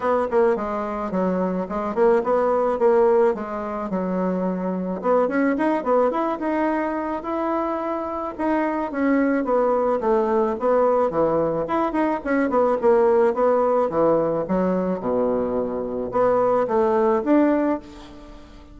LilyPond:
\new Staff \with { instrumentName = "bassoon" } { \time 4/4 \tempo 4 = 108 b8 ais8 gis4 fis4 gis8 ais8 | b4 ais4 gis4 fis4~ | fis4 b8 cis'8 dis'8 b8 e'8 dis'8~ | dis'4 e'2 dis'4 |
cis'4 b4 a4 b4 | e4 e'8 dis'8 cis'8 b8 ais4 | b4 e4 fis4 b,4~ | b,4 b4 a4 d'4 | }